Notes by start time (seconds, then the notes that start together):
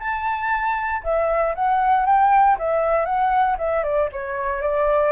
0.00 A5
1.03 E5
1.55 F#5
2.06 G5
2.59 E5
3.05 F#5
3.58 E5
3.83 D5
4.12 C#5
4.61 D5